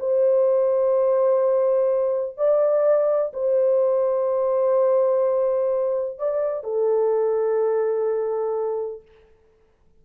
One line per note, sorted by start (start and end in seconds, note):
0.00 2.38 C5
2.38 3.33 D5
3.34 6.19 C5
6.19 6.64 D5
6.64 9.02 A4